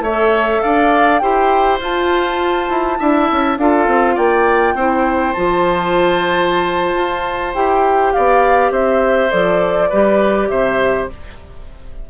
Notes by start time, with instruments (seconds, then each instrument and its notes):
0.00 bassoon A3, oboe C#5, flute E5
0.08 clarinet A4
0.62 bassoon D4, oboe D5, flute F5
1.19 bassoon E4, clarinet G4, oboe C5, flute G5
1.80 bassoon F4, clarinet F4, flute A5
2.69 bassoon E4
2.98 bassoon D4, clarinet E4, oboe E5
3.31 bassoon C#4
3.57 bassoon D4, clarinet F4, oboe A4, flute F5
3.87 bassoon C4
4.14 bassoon A#3, oboe D5, flute G5
4.74 bassoon C4, clarinet E4, oboe C5
5.32 bassoon F3, clarinet F4, flute A5
6.94 bassoon F4
7.54 bassoon E4, clarinet G4, flute G5
8.12 bassoon B3, oboe D5, flute F5
8.70 bassoon C4, oboe C5, flute E5
9.29 bassoon F3, clarinet A4, flute D5
9.89 bassoon G3, clarinet G4, oboe B4
10.48 bassoon C3, oboe C5, flute E5